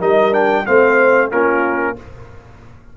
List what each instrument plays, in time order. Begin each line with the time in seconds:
0.00 tuba G3, trombone D#4, horn A#4, trumpet D#5
0.32 trombone D4, trumpet G5
0.66 tuba A3, trombone C4, horn C5, trumpet F5
1.31 tuba A#3, trombone C#4, horn F4, trumpet A#4